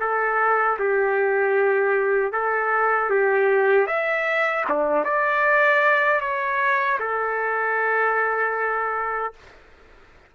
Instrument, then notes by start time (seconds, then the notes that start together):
trumpet
0.00 A4
0.79 G4
2.33 A4
3.10 G4
3.87 E5
4.69 D4
5.04 D5
6.21 C#5
7.00 A4